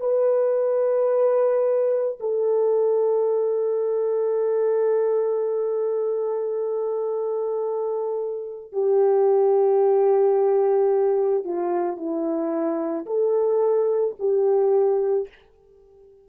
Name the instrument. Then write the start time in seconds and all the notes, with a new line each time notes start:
horn
0.00 B4
2.20 A4
8.73 G4
11.44 F4
11.97 E4
13.06 A4
14.19 G4